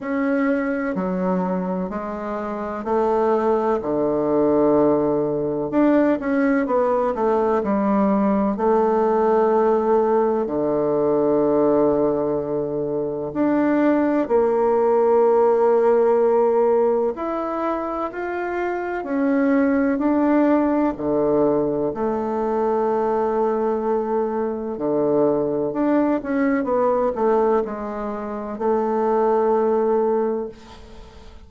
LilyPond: \new Staff \with { instrumentName = "bassoon" } { \time 4/4 \tempo 4 = 63 cis'4 fis4 gis4 a4 | d2 d'8 cis'8 b8 a8 | g4 a2 d4~ | d2 d'4 ais4~ |
ais2 e'4 f'4 | cis'4 d'4 d4 a4~ | a2 d4 d'8 cis'8 | b8 a8 gis4 a2 | }